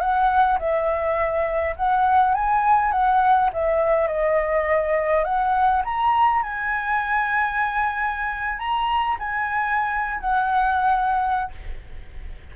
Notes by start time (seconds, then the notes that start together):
0.00 F#5
0.59 E5
1.76 F#5
2.34 G#5
2.92 F#5
3.53 E5
4.07 D#5
5.24 F#5
5.84 A#5
6.42 G#5
8.58 A#5
9.19 G#5
10.20 F#5